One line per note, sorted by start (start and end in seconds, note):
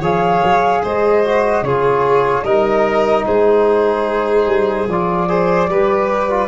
0.00 0.41 F3
0.00 1.23 G#4
0.00 0.81 C#5
0.00 0.84 F5
0.43 0.83 F#3
0.83 1.62 G#3
0.83 1.64 C5
0.83 1.63 D#5
1.24 1.65 F#4
1.62 2.43 C#3
1.62 2.44 F4
1.62 2.44 G#4
1.62 2.43 C#5
2.43 3.24 G3
2.43 4.87 D#4
2.43 3.25 A#4
2.43 3.24 D#5
3.25 4.46 G#3
3.25 5.28 G#4
3.25 4.88 C5
4.46 4.87 G3
4.88 5.68 F3
4.88 5.28 F4
4.88 6.48 D5
5.28 5.69 G#4
5.28 5.69 C5
5.68 6.48 G3
5.68 6.30 G4
5.68 6.48 B4
6.30 6.48 F4